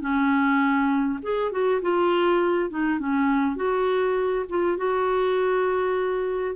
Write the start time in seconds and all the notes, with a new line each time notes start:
0.00 C#4
1.22 G#4
1.51 F#4
1.81 F4
2.70 D#4
2.99 C#4
3.56 F#4
4.49 F4
4.77 F#4